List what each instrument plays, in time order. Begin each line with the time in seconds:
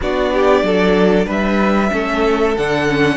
0.01 cello B3, viola D4, violin F#4 D5
0.33 violin G4
0.62 cello F#3, violin A4
1.26 cello G3, violin B4 E5
1.90 cello A3, viola C#4, violin A4
2.57 cello D3, viola D4, violin F#5
2.88 viola C#4